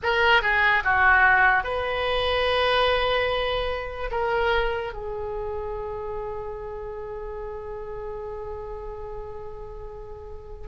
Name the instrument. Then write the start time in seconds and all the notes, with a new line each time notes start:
oboe
0.02 A#4
0.42 G#4
0.84 F#4
1.63 B4
4.11 A#4
4.93 G#4